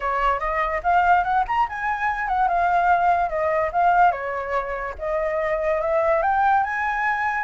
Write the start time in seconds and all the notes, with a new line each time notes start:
0.00 C#5
0.39 D#5
0.83 F5
1.23 F#5
1.47 A#5
1.69 G#5
2.28 F#5
2.48 F5
3.29 D#5
3.72 F5
4.11 C#5
4.98 D#5
5.81 E5
6.22 G5
6.63 G#5